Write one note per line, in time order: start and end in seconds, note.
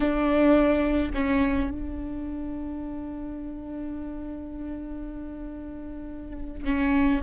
0.00 1.12 D4
1.14 1.70 C#4
1.70 6.64 D4
6.64 7.21 C#4